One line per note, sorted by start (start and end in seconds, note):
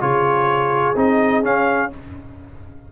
0.00 0.96 C#3
0.00 0.94 F4
0.00 1.90 G#4
0.00 0.96 C#5
0.96 1.43 C4
0.96 1.43 D#4
0.96 1.44 D#5
1.43 1.90 C#4
1.43 1.92 F5